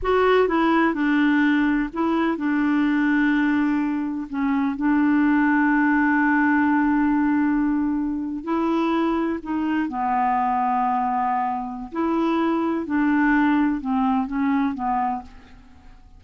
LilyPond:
\new Staff \with { instrumentName = "clarinet" } { \time 4/4 \tempo 4 = 126 fis'4 e'4 d'2 | e'4 d'2.~ | d'4 cis'4 d'2~ | d'1~ |
d'4.~ d'16 e'2 dis'16~ | dis'8. b2.~ b16~ | b4 e'2 d'4~ | d'4 c'4 cis'4 b4 | }